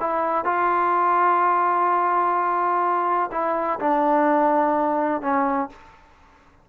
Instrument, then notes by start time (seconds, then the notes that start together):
trombone
0.00 E4
0.45 F4
3.32 E4
3.80 D4
5.22 C#4